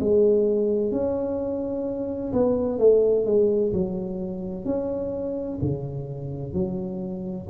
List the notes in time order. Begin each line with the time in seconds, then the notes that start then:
0.00 G#3
0.91 C#4
2.32 B3
2.78 A3
3.25 G#3
3.72 F#3
4.65 C#4
5.61 C#3
6.53 F#3